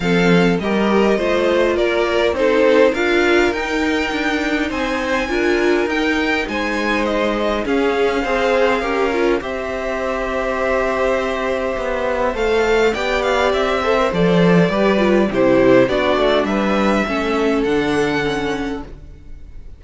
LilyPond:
<<
  \new Staff \with { instrumentName = "violin" } { \time 4/4 \tempo 4 = 102 f''4 dis''2 d''4 | c''4 f''4 g''2 | gis''2 g''4 gis''4 | dis''4 f''2. |
e''1~ | e''4 f''4 g''8 f''8 e''4 | d''2 c''4 d''4 | e''2 fis''2 | }
  \new Staff \with { instrumentName = "violin" } { \time 4/4 a'4 ais'4 c''4 ais'4 | a'4 ais'2. | c''4 ais'2 c''4~ | c''4 gis'4 c''4 ais'4 |
c''1~ | c''2 d''4. c''8~ | c''4 b'4 g'4 fis'4 | b'4 a'2. | }
  \new Staff \with { instrumentName = "viola" } { \time 4/4 c'4 g'4 f'2 | dis'4 f'4 dis'2~ | dis'4 f'4 dis'2~ | dis'4 cis'4 gis'4 g'8 f'8 |
g'1~ | g'4 a'4 g'4. a'16 ais'16 | a'4 g'8 f'8 e'4 d'4~ | d'4 cis'4 d'4 cis'4 | }
  \new Staff \with { instrumentName = "cello" } { \time 4/4 f4 g4 a4 ais4 | c'4 d'4 dis'4 d'4 | c'4 d'4 dis'4 gis4~ | gis4 cis'4 c'4 cis'4 |
c'1 | b4 a4 b4 c'4 | f4 g4 c4 b8 a8 | g4 a4 d2 | }
>>